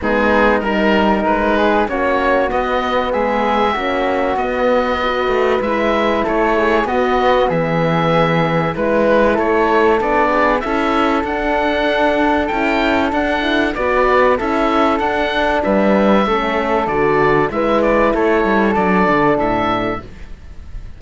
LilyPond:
<<
  \new Staff \with { instrumentName = "oboe" } { \time 4/4 \tempo 4 = 96 gis'4 ais'4 b'4 cis''4 | dis''4 e''2 dis''4~ | dis''4 e''4 cis''4 dis''4 | e''2 b'4 cis''4 |
d''4 e''4 fis''2 | g''4 fis''4 d''4 e''4 | fis''4 e''2 d''4 | e''8 d''8 cis''4 d''4 e''4 | }
  \new Staff \with { instrumentName = "flute" } { \time 4/4 dis'4 ais'4. gis'8 fis'4~ | fis'4 gis'4 fis'2 | b'2 a'8 gis'8 fis'4 | gis'2 b'4 a'4~ |
a'8 gis'8 a'2.~ | a'2 b'4 a'4~ | a'4 b'4 a'2 | b'4 a'2. | }
  \new Staff \with { instrumentName = "horn" } { \time 4/4 b4 dis'2 cis'4 | b2 cis'4 b4 | fis'4 e'2 b4~ | b2 e'2 |
d'4 e'4 d'2 | e'4 d'8 e'8 fis'4 e'4 | d'2 cis'4 fis'4 | e'2 d'2 | }
  \new Staff \with { instrumentName = "cello" } { \time 4/4 gis4 g4 gis4 ais4 | b4 gis4 ais4 b4~ | b8 a8 gis4 a4 b4 | e2 gis4 a4 |
b4 cis'4 d'2 | cis'4 d'4 b4 cis'4 | d'4 g4 a4 d4 | gis4 a8 g8 fis8 d8 a,4 | }
>>